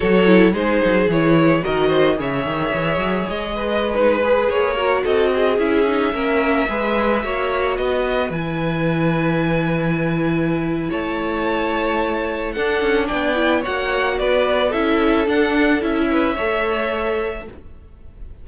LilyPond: <<
  \new Staff \with { instrumentName = "violin" } { \time 4/4 \tempo 4 = 110 cis''4 c''4 cis''4 dis''4 | e''2 dis''4~ dis''16 b'8.~ | b'16 cis''4 dis''4 e''4.~ e''16~ | e''2~ e''16 dis''4 gis''8.~ |
gis''1 | a''2. fis''4 | g''4 fis''4 d''4 e''4 | fis''4 e''2. | }
  \new Staff \with { instrumentName = "violin" } { \time 4/4 a'4 gis'2 ais'8 c''8 | cis''2~ cis''8 b'4.~ | b'8. ais'8 a'8 gis'4. ais'8.~ | ais'16 b'4 cis''4 b'4.~ b'16~ |
b'1 | cis''2. a'4 | d''4 cis''4 b'4 a'4~ | a'4. b'8 cis''2 | }
  \new Staff \with { instrumentName = "viola" } { \time 4/4 fis'8 e'8 dis'4 e'4 fis'4 | gis'2.~ gis'16 dis'8 gis'16~ | gis'8. fis'4. e'8 dis'8 cis'8.~ | cis'16 gis'4 fis'2 e'8.~ |
e'1~ | e'2. d'4~ | d'8 e'8 fis'2 e'4 | d'4 e'4 a'2 | }
  \new Staff \with { instrumentName = "cello" } { \time 4/4 fis4 gis8 fis8 e4 dis4 | cis8 dis8 e8 fis8 gis2~ | gis16 ais4 c'4 cis'4 ais8.~ | ais16 gis4 ais4 b4 e8.~ |
e1 | a2. d'8 cis'8 | b4 ais4 b4 cis'4 | d'4 cis'4 a2 | }
>>